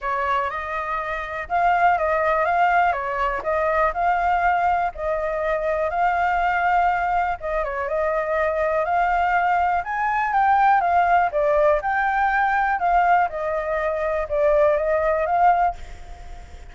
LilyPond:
\new Staff \with { instrumentName = "flute" } { \time 4/4 \tempo 4 = 122 cis''4 dis''2 f''4 | dis''4 f''4 cis''4 dis''4 | f''2 dis''2 | f''2. dis''8 cis''8 |
dis''2 f''2 | gis''4 g''4 f''4 d''4 | g''2 f''4 dis''4~ | dis''4 d''4 dis''4 f''4 | }